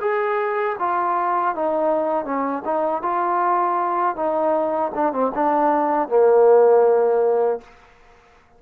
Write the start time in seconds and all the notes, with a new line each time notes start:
0.00 G#4
0.79 F4
1.55 D#4
2.24 C#4
2.65 D#4
3.02 F4
4.16 D#4
4.94 D4
5.13 C4
5.34 D4
6.08 A#3